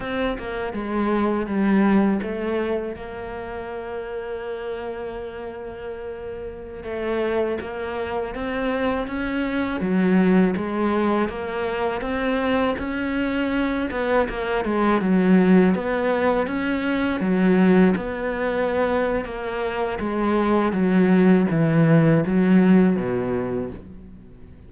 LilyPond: \new Staff \with { instrumentName = "cello" } { \time 4/4 \tempo 4 = 81 c'8 ais8 gis4 g4 a4 | ais1~ | ais4~ ais16 a4 ais4 c'8.~ | c'16 cis'4 fis4 gis4 ais8.~ |
ais16 c'4 cis'4. b8 ais8 gis16~ | gis16 fis4 b4 cis'4 fis8.~ | fis16 b4.~ b16 ais4 gis4 | fis4 e4 fis4 b,4 | }